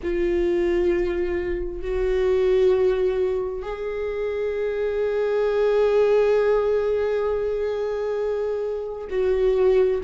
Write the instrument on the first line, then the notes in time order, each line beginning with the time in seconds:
viola
0.02 F4
1.81 F#4
3.62 G#4
9.10 F#4